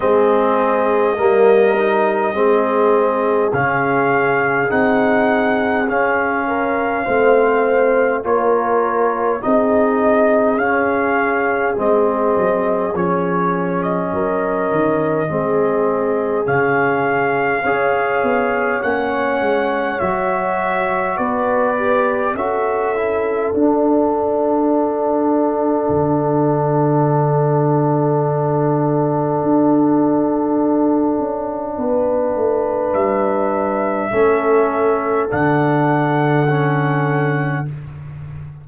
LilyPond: <<
  \new Staff \with { instrumentName = "trumpet" } { \time 4/4 \tempo 4 = 51 dis''2. f''4 | fis''4 f''2 cis''4 | dis''4 f''4 dis''4 cis''8. dis''16~ | dis''2 f''2 |
fis''4 e''4 d''4 e''4 | fis''1~ | fis''1 | e''2 fis''2 | }
  \new Staff \with { instrumentName = "horn" } { \time 4/4 gis'4 ais'4 gis'2~ | gis'4. ais'8 c''4 ais'4 | gis'1 | ais'4 gis'2 cis''4~ |
cis''2 b'4 a'4~ | a'1~ | a'2. b'4~ | b'4 a'2. | }
  \new Staff \with { instrumentName = "trombone" } { \time 4/4 c'4 ais8 dis'8 c'4 cis'4 | dis'4 cis'4 c'4 f'4 | dis'4 cis'4 c'4 cis'4~ | cis'4 c'4 cis'4 gis'4 |
cis'4 fis'4. g'8 fis'8 e'8 | d'1~ | d'1~ | d'4 cis'4 d'4 cis'4 | }
  \new Staff \with { instrumentName = "tuba" } { \time 4/4 gis4 g4 gis4 cis4 | c'4 cis'4 a4 ais4 | c'4 cis'4 gis8 fis8 f4 | fis8 dis8 gis4 cis4 cis'8 b8 |
ais8 gis8 fis4 b4 cis'4 | d'2 d2~ | d4 d'4. cis'8 b8 a8 | g4 a4 d2 | }
>>